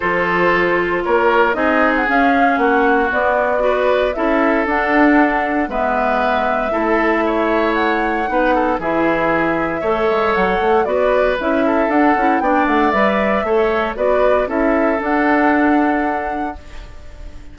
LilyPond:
<<
  \new Staff \with { instrumentName = "flute" } { \time 4/4 \tempo 4 = 116 c''2 cis''4 dis''8. fis''16 | f''4 fis''4 d''2 | e''4 fis''2 e''4~ | e''2. fis''4~ |
fis''4 e''2. | fis''4 d''4 e''4 fis''4 | g''8 fis''8 e''2 d''4 | e''4 fis''2. | }
  \new Staff \with { instrumentName = "oboe" } { \time 4/4 a'2 ais'4 gis'4~ | gis'4 fis'2 b'4 | a'2. b'4~ | b'4 a'4 cis''2 |
b'8 a'8 gis'2 cis''4~ | cis''4 b'4. a'4. | d''2 cis''4 b'4 | a'1 | }
  \new Staff \with { instrumentName = "clarinet" } { \time 4/4 f'2. dis'4 | cis'2 b4 fis'4 | e'4 d'2 b4~ | b4 e'2. |
dis'4 e'2 a'4~ | a'4 fis'4 e'4 d'8 e'8 | d'4 b'4 a'4 fis'4 | e'4 d'2. | }
  \new Staff \with { instrumentName = "bassoon" } { \time 4/4 f2 ais4 c'4 | cis'4 ais4 b2 | cis'4 d'2 gis4~ | gis4 a2. |
b4 e2 a8 gis8 | fis8 a8 b4 cis'4 d'8 cis'8 | b8 a8 g4 a4 b4 | cis'4 d'2. | }
>>